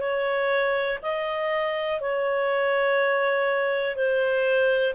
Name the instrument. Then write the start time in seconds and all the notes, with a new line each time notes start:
clarinet
0.00 C#5
1.02 D#5
2.00 C#5
3.95 C5